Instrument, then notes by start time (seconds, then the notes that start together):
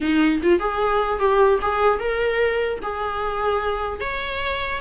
viola
0.01 D#4
0.42 F4
0.59 G#4
1.19 G4
1.61 G#4
1.99 A#4
2.82 G#4
4.00 C#5